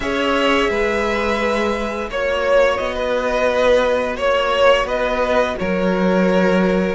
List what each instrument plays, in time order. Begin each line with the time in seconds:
0.00 cello C#4, viola G#4, violin C#5 E5
0.69 cello G#3, violin B4
2.08 cello A#3, viola F#4, violin C#5
2.77 cello B3, violin D#5
2.94 violin B4
4.16 cello A#3, violin C#5
4.84 cello B3, violin B4 D#5
5.58 cello F#3, violin A#4 C#5